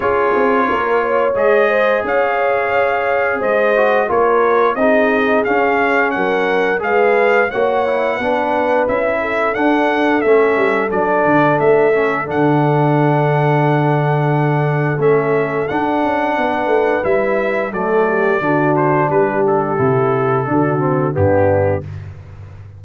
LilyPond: <<
  \new Staff \with { instrumentName = "trumpet" } { \time 4/4 \tempo 4 = 88 cis''2 dis''4 f''4~ | f''4 dis''4 cis''4 dis''4 | f''4 fis''4 f''4 fis''4~ | fis''4 e''4 fis''4 e''4 |
d''4 e''4 fis''2~ | fis''2 e''4 fis''4~ | fis''4 e''4 d''4. c''8 | b'8 a'2~ a'8 g'4 | }
  \new Staff \with { instrumentName = "horn" } { \time 4/4 gis'4 ais'8 cis''4 c''8 cis''4~ | cis''4 c''4 ais'4 gis'4~ | gis'4 ais'4 b'4 cis''4 | b'4. a'2~ a'8~ |
a'1~ | a'1 | b'2 a'8 g'8 fis'4 | g'2 fis'4 d'4 | }
  \new Staff \with { instrumentName = "trombone" } { \time 4/4 f'2 gis'2~ | gis'4. fis'8 f'4 dis'4 | cis'2 gis'4 fis'8 e'8 | d'4 e'4 d'4 cis'4 |
d'4. cis'8 d'2~ | d'2 cis'4 d'4~ | d'4 e'4 a4 d'4~ | d'4 e'4 d'8 c'8 b4 | }
  \new Staff \with { instrumentName = "tuba" } { \time 4/4 cis'8 c'8 ais4 gis4 cis'4~ | cis'4 gis4 ais4 c'4 | cis'4 fis4 gis4 ais4 | b4 cis'4 d'4 a8 g8 |
fis8 d8 a4 d2~ | d2 a4 d'8 cis'8 | b8 a8 g4 fis4 d4 | g4 c4 d4 g,4 | }
>>